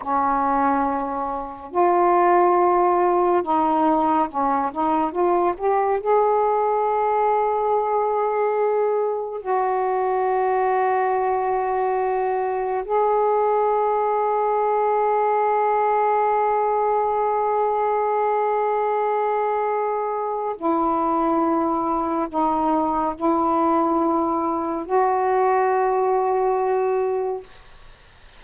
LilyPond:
\new Staff \with { instrumentName = "saxophone" } { \time 4/4 \tempo 4 = 70 cis'2 f'2 | dis'4 cis'8 dis'8 f'8 g'8 gis'4~ | gis'2. fis'4~ | fis'2. gis'4~ |
gis'1~ | gis'1 | e'2 dis'4 e'4~ | e'4 fis'2. | }